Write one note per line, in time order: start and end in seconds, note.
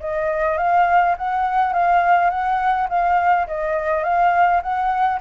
0.00 0.58 D#5
0.58 1.15 F5
1.17 1.73 F#5
1.73 2.30 F5
2.30 2.88 F#5
2.89 3.47 F5
3.47 4.03 D#5
4.03 4.61 F5
4.62 5.20 F#5